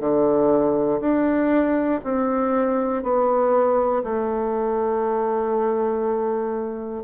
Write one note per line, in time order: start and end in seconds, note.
0.00 1.00 D3
1.00 2.00 D4
2.04 3.03 C4
3.03 4.03 B3
4.04 7.04 A3